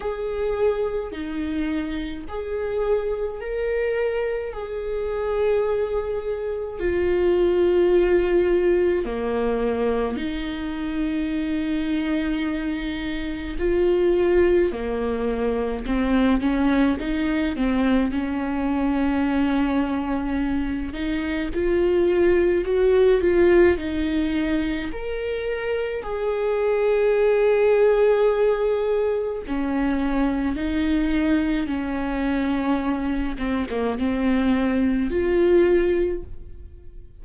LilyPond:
\new Staff \with { instrumentName = "viola" } { \time 4/4 \tempo 4 = 53 gis'4 dis'4 gis'4 ais'4 | gis'2 f'2 | ais4 dis'2. | f'4 ais4 c'8 cis'8 dis'8 c'8 |
cis'2~ cis'8 dis'8 f'4 | fis'8 f'8 dis'4 ais'4 gis'4~ | gis'2 cis'4 dis'4 | cis'4. c'16 ais16 c'4 f'4 | }